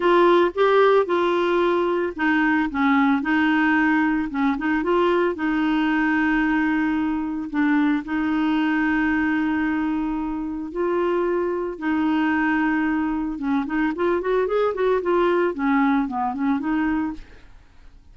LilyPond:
\new Staff \with { instrumentName = "clarinet" } { \time 4/4 \tempo 4 = 112 f'4 g'4 f'2 | dis'4 cis'4 dis'2 | cis'8 dis'8 f'4 dis'2~ | dis'2 d'4 dis'4~ |
dis'1 | f'2 dis'2~ | dis'4 cis'8 dis'8 f'8 fis'8 gis'8 fis'8 | f'4 cis'4 b8 cis'8 dis'4 | }